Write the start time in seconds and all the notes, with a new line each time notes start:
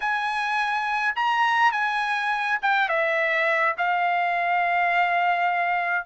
0.00 G#5
1.15 A#5
1.72 G#5
2.61 G5
2.88 E5
3.77 F5